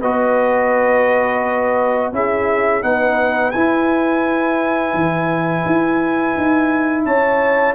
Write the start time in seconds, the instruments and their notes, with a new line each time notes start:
0.00 tuba B3, trombone F#4, horn B4, trumpet D#5
2.13 tuba C#4, trombone E4, horn G#4, trumpet E5
2.83 tuba B3, trombone D#4, horn B4, trumpet F#5
3.51 tuba E4, trombone E4, trumpet G#5
4.94 tuba E3
5.66 tuba E4
6.37 tuba D#4
7.05 tuba C#4, horn C#5, trumpet A5